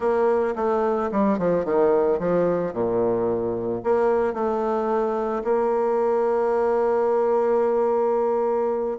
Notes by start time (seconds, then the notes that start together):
0.00 A#3
0.55 A3
1.11 G3
1.38 F3
1.64 D#3
2.19 F3
2.73 A#2
3.83 A#3
4.33 A3
5.44 A#3